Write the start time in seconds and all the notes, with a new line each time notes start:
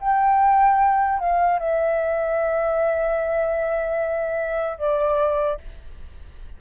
0.00 G5
1.19 F5
1.59 E5
4.78 D5